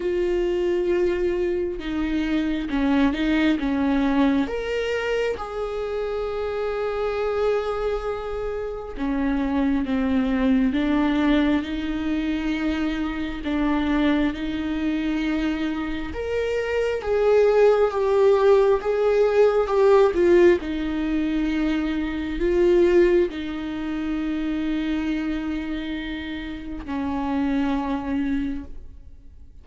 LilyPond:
\new Staff \with { instrumentName = "viola" } { \time 4/4 \tempo 4 = 67 f'2 dis'4 cis'8 dis'8 | cis'4 ais'4 gis'2~ | gis'2 cis'4 c'4 | d'4 dis'2 d'4 |
dis'2 ais'4 gis'4 | g'4 gis'4 g'8 f'8 dis'4~ | dis'4 f'4 dis'2~ | dis'2 cis'2 | }